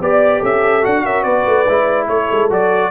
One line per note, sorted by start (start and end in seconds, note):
0.00 0.42 B3
0.00 0.82 G4
0.00 0.40 D5
0.00 0.44 D5
0.40 0.84 C#4
0.40 1.02 A4
0.40 0.85 E5
0.82 1.04 D4
0.82 1.66 F#4
0.82 1.05 F#5
1.04 1.25 C#4
1.04 1.24 A#4
1.04 1.24 E5
1.24 1.45 B3
1.24 2.07 B4
1.24 2.07 D5
1.46 1.67 A3
1.67 2.08 G#3
1.67 2.50 E4
2.08 2.29 A3
2.08 2.91 A4
2.08 2.50 C#5
2.31 2.50 G#3
2.50 2.91 F#3
2.50 2.91 F#4
2.50 2.91 D5